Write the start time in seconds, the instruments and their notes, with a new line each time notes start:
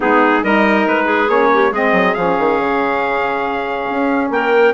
0.00 bassoon G#3, saxophone B3, clarinet D#4, trumpet G#4
0.43 bassoon G3, saxophone D#4, clarinet A#4, trumpet D#5
0.86 bassoon G#3, trumpet B4
1.04 clarinet G#4
1.27 bassoon A#3, saxophone C#4, trumpet C#5
1.53 clarinet G4
1.71 bassoon G#3, saxophone C4, clarinet G#4, trumpet D#5
1.92 bassoon F#3
2.14 bassoon F3, saxophone C#4, trumpet F5
2.38 bassoon D#3
2.60 bassoon C#3
3.90 bassoon C#4
4.30 bassoon A#3, clarinet A#4, trumpet G5